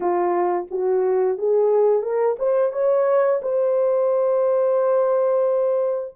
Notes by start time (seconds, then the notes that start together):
0.00 F4
0.70 F#4
1.38 G#4
2.02 A#4
2.38 C5
2.72 C#5
3.42 C5